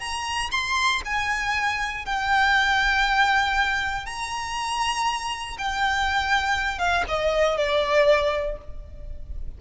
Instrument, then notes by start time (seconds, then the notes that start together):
violin
0.00 A#5
0.52 C6
1.05 G#5
2.06 G5
4.06 A#5
5.59 G5
6.79 F5
7.08 D#5
7.57 D5